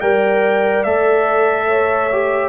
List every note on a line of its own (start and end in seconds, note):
0.00 0.85 G3
0.00 0.84 A#4
0.00 1.67 D5
0.00 0.83 G5
0.83 2.48 A3
0.83 2.10 A4
0.83 2.48 E5
1.67 2.48 C#5
2.12 2.48 G4